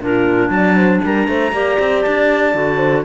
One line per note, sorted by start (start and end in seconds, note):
0.00 0.49 A#2
0.00 1.53 D4
0.00 0.53 F4
0.00 0.50 A#4
0.49 1.00 F#3
0.49 0.76 D5
0.49 1.01 A5
0.76 1.02 C5
1.04 1.28 G3
1.04 1.28 A#4
1.04 2.02 A#5
1.28 1.52 A3
1.28 1.53 C5
1.52 1.77 A#3
1.52 2.53 G4
1.52 2.76 D5
1.79 2.05 C4
2.02 2.54 D4
2.02 3.03 A5
2.53 3.04 D3
2.53 3.04 F#4
2.76 3.01 C5